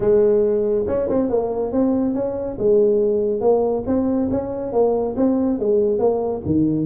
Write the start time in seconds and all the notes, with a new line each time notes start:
0.00 G#3
0.87 C#4
1.09 C4
1.29 A#3
1.72 C4
2.14 C#4
2.58 G#3
3.41 A#3
3.86 C4
4.31 C#4
4.72 A#3
5.16 C4
5.59 G#3
5.98 A#3
6.45 D#3